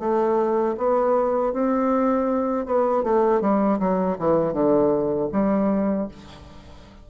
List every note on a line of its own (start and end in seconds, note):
0.00 0.76 A3
0.78 1.54 B3
1.54 2.67 C4
2.67 3.04 B3
3.04 3.41 A3
3.41 3.79 G3
3.80 4.18 F#3
4.19 4.54 E3
4.54 5.30 D3
5.33 6.09 G3